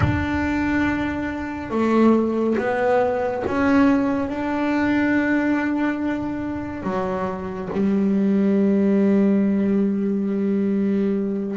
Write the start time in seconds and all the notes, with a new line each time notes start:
0.00 D4
1.70 A3
2.58 B3
3.46 C#4
4.29 D4
6.83 F#3
7.72 G3